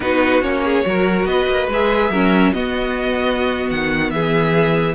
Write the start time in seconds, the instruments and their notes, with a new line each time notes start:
0.00 cello B3, viola D#4, violin F#4 B4
0.41 cello A#3, viola C#4, violin C#5
0.64 violin G#4
0.85 cello F#3, viola F#4, violin A#4
1.25 cello B3, violin B4 D#5
1.47 cello A#3
1.67 cello G#3, violin E5
1.73 viola G#4
2.09 cello F#3, viola C#4, violin A#4
2.53 cello B3, viola B3, violin F#4 D#5
3.70 cello D#3, violin F#5
4.10 cello E3, violin G#4 E5